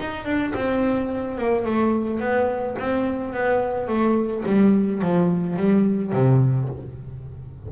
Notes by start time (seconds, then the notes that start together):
0.00 D#4
0.25 D4
0.55 C4
1.38 A#3
1.66 A3
2.20 B3
2.79 C4
3.34 B3
3.88 A3
4.46 G3
5.02 F3
5.57 G3
6.13 C3